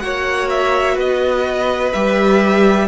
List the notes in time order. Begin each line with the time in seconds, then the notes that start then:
0.00 A#3 F#4 C#5 F#5
0.50 E5
0.95 B3 B4 D#5
1.92 G3 G4 E5